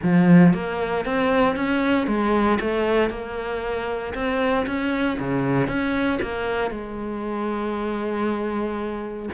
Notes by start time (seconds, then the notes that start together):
0.03 F3
0.53 A#3
1.05 C4
1.55 C#4
2.07 G#3
2.60 A3
3.10 A#3
4.14 C4
4.66 C#4
5.19 C#3
5.67 C#4
6.21 A#3
6.70 G#3